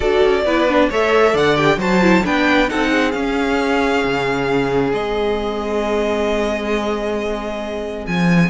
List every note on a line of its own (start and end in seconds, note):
0.00 0.21 D4
0.00 0.45 F#4
0.00 0.43 A4
0.00 0.88 D5
0.23 0.44 C#4
0.44 0.89 B3
0.44 0.68 E4
0.44 0.89 B4
0.68 0.91 D4
0.89 1.34 A3
0.89 1.56 A4
0.89 1.33 C#5
0.89 1.37 E5
1.33 1.77 D3
1.33 1.77 D5
1.33 1.56 F#5
1.56 1.78 G4
1.56 1.79 G5
1.77 2.21 F#3
1.77 2.02 F#4
1.77 2.23 C5
1.77 2.25 A5
2.02 2.23 E4
2.23 2.71 B3
2.23 2.67 D4
2.23 2.69 B4
2.23 2.69 G5
2.67 3.14 C4
2.67 3.12 D#4
2.67 2.89 A4
2.67 3.11 F#5
2.89 8.49 G#4
3.11 4.03 C#4
3.11 4.92 C#4
3.11 4.90 F5
4.04 4.93 C#3
4.92 8.06 G#3
4.92 8.49 C4
4.92 8.06 D#5
8.06 8.49 F3
8.06 8.49 G#5